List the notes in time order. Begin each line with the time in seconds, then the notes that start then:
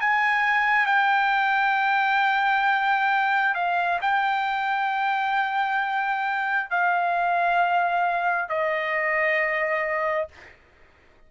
0.00 G#5
0.86 G5
3.54 F5
4.01 G5
6.70 F5
8.49 D#5